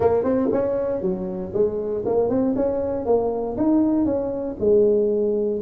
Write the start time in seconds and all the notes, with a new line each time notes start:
0.00 A#3
0.23 C4
0.52 C#4
1.01 F#3
1.53 G#3
2.05 A#3
2.29 C4
2.55 C#4
3.05 A#3
3.57 D#4
4.05 C#4
4.59 G#3